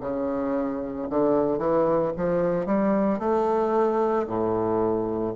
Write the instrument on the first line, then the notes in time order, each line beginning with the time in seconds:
bassoon
0.00 C#3
1.10 D3
1.58 E3
2.16 F3
2.66 G3
3.19 A3
4.27 A2